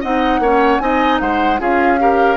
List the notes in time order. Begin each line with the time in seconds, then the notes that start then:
0.00 C4 D#4 D#5 F#5
0.39 A#3 C#4 C#5
0.79 C4 D#4 D#5 G#5
1.20 G#3 C5 F#5
1.58 C#4 F4 G#4 F5
1.99 G4 A#4